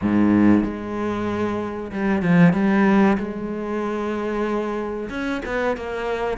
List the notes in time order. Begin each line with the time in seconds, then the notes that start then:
0.01 G#2
0.63 G#3
1.91 G3
2.22 F3
2.53 G3
3.17 G#3
5.09 C#4
5.45 B3
5.76 A#3